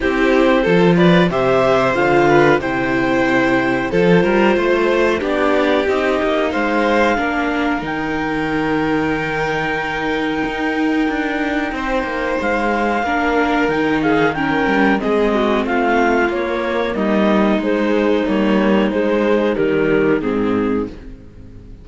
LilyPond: <<
  \new Staff \with { instrumentName = "clarinet" } { \time 4/4 \tempo 4 = 92 c''4. d''8 e''4 f''4 | g''2 c''2 | d''4 dis''4 f''2 | g''1~ |
g''2. f''4~ | f''4 g''8 f''8 g''4 dis''4 | f''4 cis''4 dis''4 c''4 | cis''4 c''4 ais'4 gis'4 | }
  \new Staff \with { instrumentName = "violin" } { \time 4/4 g'4 a'8 b'8 c''4. b'8 | c''2 a'8 ais'8 c''4 | g'2 c''4 ais'4~ | ais'1~ |
ais'2 c''2 | ais'4. gis'8 ais'4 gis'8 fis'8 | f'2 dis'2~ | dis'1 | }
  \new Staff \with { instrumentName = "viola" } { \time 4/4 e'4 f'4 g'4 f'4 | e'2 f'2 | d'4 dis'2 d'4 | dis'1~ |
dis'1 | d'4 dis'4 cis'4 c'4~ | c'4 ais2 gis4 | ais4 gis4 g4 c'4 | }
  \new Staff \with { instrumentName = "cello" } { \time 4/4 c'4 f4 c4 d4 | c2 f8 g8 a4 | b4 c'8 ais8 gis4 ais4 | dis1 |
dis'4 d'4 c'8 ais8 gis4 | ais4 dis4. g8 gis4 | a4 ais4 g4 gis4 | g4 gis4 dis4 gis,4 | }
>>